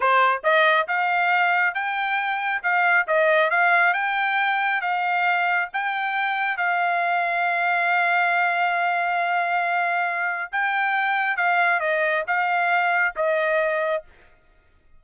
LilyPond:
\new Staff \with { instrumentName = "trumpet" } { \time 4/4 \tempo 4 = 137 c''4 dis''4 f''2 | g''2 f''4 dis''4 | f''4 g''2 f''4~ | f''4 g''2 f''4~ |
f''1~ | f''1 | g''2 f''4 dis''4 | f''2 dis''2 | }